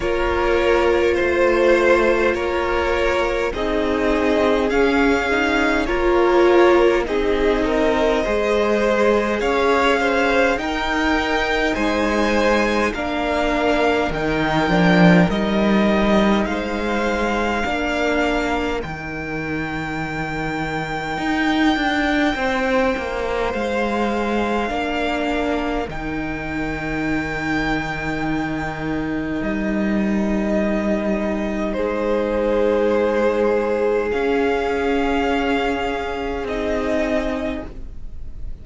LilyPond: <<
  \new Staff \with { instrumentName = "violin" } { \time 4/4 \tempo 4 = 51 cis''4 c''4 cis''4 dis''4 | f''4 cis''4 dis''2 | f''4 g''4 gis''4 f''4 | g''4 dis''4 f''2 |
g''1 | f''2 g''2~ | g''4 dis''2 c''4~ | c''4 f''2 dis''4 | }
  \new Staff \with { instrumentName = "violin" } { \time 4/4 ais'4 c''4 ais'4 gis'4~ | gis'4 ais'4 gis'8 ais'8 c''4 | cis''8 c''8 ais'4 c''4 ais'4~ | ais'2 c''4 ais'4~ |
ais'2. c''4~ | c''4 ais'2.~ | ais'2. gis'4~ | gis'1 | }
  \new Staff \with { instrumentName = "viola" } { \time 4/4 f'2. dis'4 | cis'8 dis'8 f'4 dis'4 gis'4~ | gis'4 dis'2 d'4 | dis'8 d'8 dis'2 d'4 |
dis'1~ | dis'4 d'4 dis'2~ | dis'1~ | dis'4 cis'2 dis'4 | }
  \new Staff \with { instrumentName = "cello" } { \time 4/4 ais4 a4 ais4 c'4 | cis'4 ais4 c'4 gis4 | cis'4 dis'4 gis4 ais4 | dis8 f8 g4 gis4 ais4 |
dis2 dis'8 d'8 c'8 ais8 | gis4 ais4 dis2~ | dis4 g2 gis4~ | gis4 cis'2 c'4 | }
>>